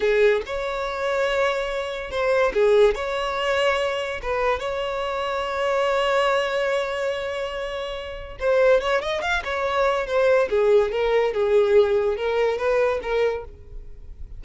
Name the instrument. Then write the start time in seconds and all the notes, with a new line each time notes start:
violin
0.00 G#4
0.45 C#5
2.10 C5
2.53 G#4
2.95 C#5
4.22 B4
4.59 C#5
8.39 C5
8.81 C#5
9.01 D#5
9.21 F5
9.44 C#5
10.07 C5
10.49 G#4
10.91 A#4
11.33 G#4
12.16 A#4
12.58 B4
13.02 A#4